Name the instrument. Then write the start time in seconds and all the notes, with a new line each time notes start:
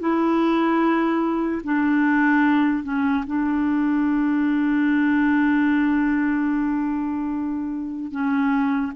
clarinet
0.00 E4
1.64 D4
2.84 C#4
3.27 D4
8.12 C#4